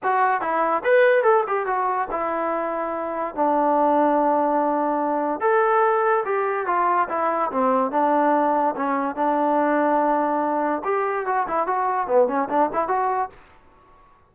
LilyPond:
\new Staff \with { instrumentName = "trombone" } { \time 4/4 \tempo 4 = 144 fis'4 e'4 b'4 a'8 g'8 | fis'4 e'2. | d'1~ | d'4 a'2 g'4 |
f'4 e'4 c'4 d'4~ | d'4 cis'4 d'2~ | d'2 g'4 fis'8 e'8 | fis'4 b8 cis'8 d'8 e'8 fis'4 | }